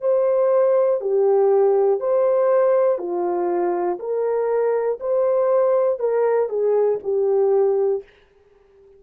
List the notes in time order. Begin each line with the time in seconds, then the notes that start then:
0.00 C5
1.00 G4
2.00 C5
2.98 F4
3.99 A#4
5.00 C5
5.99 A#4
6.49 G#4
7.03 G4